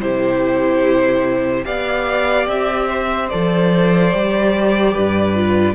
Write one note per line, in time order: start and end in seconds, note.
0.00 1.65 C3
0.00 1.64 E4
0.00 1.66 G4
0.00 1.64 C5
1.64 2.47 B3
1.64 3.29 G4
1.64 2.88 D5
1.64 2.47 F5
2.47 3.29 C4
2.47 3.28 E5
2.88 4.93 C5
3.28 4.13 F3
3.28 4.13 A4
3.28 5.74 D5
4.13 4.95 G3
4.13 5.34 G4
4.93 5.74 G2
4.93 5.74 B4
5.34 5.74 F4